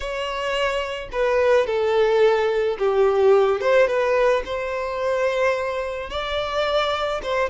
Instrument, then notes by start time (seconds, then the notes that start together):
violin
0.00 C#5
1.12 B4
1.66 A4
2.78 G4
3.61 C5
3.87 B4
4.45 C5
6.10 D5
7.22 C5